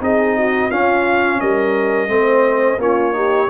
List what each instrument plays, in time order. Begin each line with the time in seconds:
0.00 tuba C4, trombone D#4, horn G#4, trumpet D#5
0.37 horn F#4
0.69 tuba C#4, trombone C#4, horn F4, trumpet F5
1.40 tuba G3, horn A#4, trumpet D#5
2.08 tuba A3, trombone C4, horn C5
2.78 tuba A#3, trombone C#4, horn F4, trumpet C#5
3.12 trombone D#4, horn G4